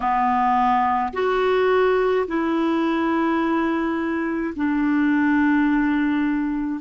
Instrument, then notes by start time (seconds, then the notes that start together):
clarinet
0.00 B3
1.13 F#4
2.27 E4
4.55 D4